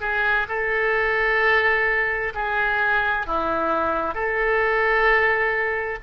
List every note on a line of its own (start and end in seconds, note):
0.00 0.46 G#4
0.48 2.33 A4
2.34 3.26 G#4
3.26 4.14 E4
4.14 5.99 A4